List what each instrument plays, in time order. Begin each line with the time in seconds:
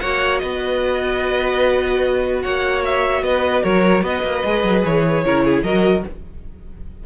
0.00 cello A#3, viola F#4, violin C#5 F#5
0.38 cello B3, violin B4 D#5
2.42 cello A#3, violin C#5 F#5
2.85 violin E5
3.22 cello B3, violin B4 D#5
3.63 cello F#3, violin A#4 C#5
4.03 cello B3, violin B4 D#5
4.23 cello A#3
4.44 cello G#3, viola G#4
4.63 cello F#3
4.84 cello E3, violin C#5
5.24 cello C#3, viola E4, violin A#4
5.44 violin G#4
5.63 cello F#3, viola F#4, violin A#4 D#5